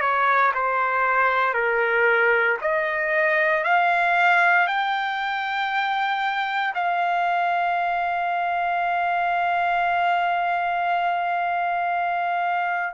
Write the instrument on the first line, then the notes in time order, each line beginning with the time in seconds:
trumpet
0.00 C#5
0.54 C5
1.53 A#4
2.61 D#5
3.63 F5
4.66 G5
6.74 F5